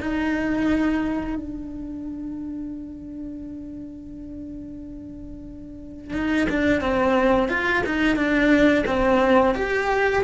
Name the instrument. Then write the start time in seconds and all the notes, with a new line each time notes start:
cello
0.00 D#4
1.35 D4
6.13 D#4
6.49 D4
6.80 C4
7.48 F4
7.86 D#4
8.16 D4
8.86 C4
9.55 G4